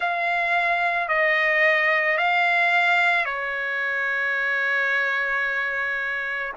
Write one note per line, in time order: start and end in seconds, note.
0.00 1.08 F5
1.08 2.17 D#5
2.17 3.25 F5
3.25 6.52 C#5